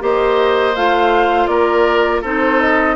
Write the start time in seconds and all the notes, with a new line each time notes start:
0.00 A#3 G4 C5 D#5
0.76 A3 F4 F5
1.47 A#3 A#4 D5
2.22 C4 D#4 A4 C5
2.61 D#5